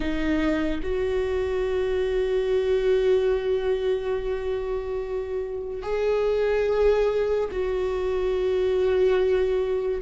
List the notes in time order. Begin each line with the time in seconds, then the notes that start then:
0.00 D#4
0.82 F#4
5.82 G#4
7.51 F#4